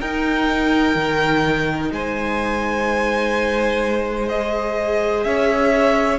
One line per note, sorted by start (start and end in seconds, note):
0.00 0.95 D#4
0.00 4.29 D#4
0.00 1.90 A#4
0.00 1.91 G5
0.95 1.90 D#3
1.92 5.24 G#3
1.92 5.26 C5
1.92 4.28 G#5
4.28 6.18 G#4
4.28 5.24 D#5
5.24 6.18 C#4
5.24 6.18 C#5
5.24 6.18 E5